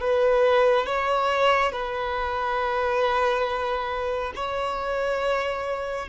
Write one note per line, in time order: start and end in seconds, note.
0.00 0.86 B4
0.86 1.72 C#5
1.72 4.33 B4
4.36 6.08 C#5